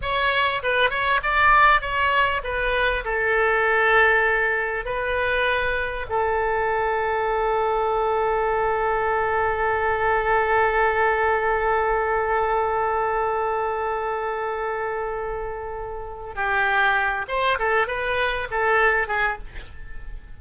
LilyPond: \new Staff \with { instrumentName = "oboe" } { \time 4/4 \tempo 4 = 99 cis''4 b'8 cis''8 d''4 cis''4 | b'4 a'2. | b'2 a'2~ | a'1~ |
a'1~ | a'1~ | a'2. g'4~ | g'8 c''8 a'8 b'4 a'4 gis'8 | }